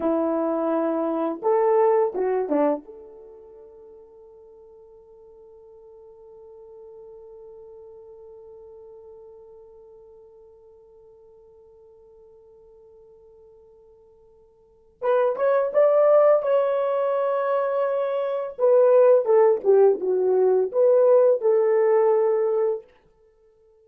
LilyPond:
\new Staff \with { instrumentName = "horn" } { \time 4/4 \tempo 4 = 84 e'2 a'4 fis'8 d'8 | a'1~ | a'1~ | a'1~ |
a'1~ | a'4 b'8 cis''8 d''4 cis''4~ | cis''2 b'4 a'8 g'8 | fis'4 b'4 a'2 | }